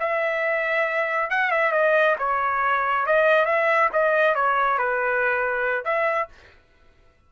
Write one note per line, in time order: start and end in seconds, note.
0.00 1.30 E5
1.30 1.51 F#5
1.51 1.72 E5
1.72 2.16 D#5
2.19 3.06 C#5
3.06 3.46 D#5
3.46 3.90 E5
3.93 4.35 D#5
4.35 4.79 C#5
4.79 5.85 B4
5.85 6.29 E5